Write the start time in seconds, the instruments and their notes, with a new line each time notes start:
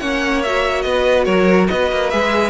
0.00 cello A#3, viola C#4, violin C#5 F#5
0.43 viola F#4, violin E5
0.82 cello B3, violin B4 D#5
1.25 cello F#3, violin A#4 C#5
1.68 cello B3, violin B4 D#5
1.92 cello A#3
2.10 cello G#3, viola G#4, violin E5